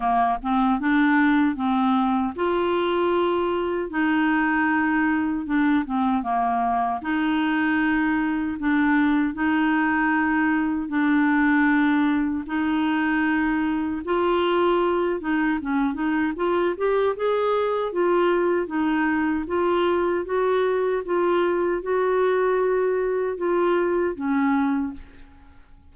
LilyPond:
\new Staff \with { instrumentName = "clarinet" } { \time 4/4 \tempo 4 = 77 ais8 c'8 d'4 c'4 f'4~ | f'4 dis'2 d'8 c'8 | ais4 dis'2 d'4 | dis'2 d'2 |
dis'2 f'4. dis'8 | cis'8 dis'8 f'8 g'8 gis'4 f'4 | dis'4 f'4 fis'4 f'4 | fis'2 f'4 cis'4 | }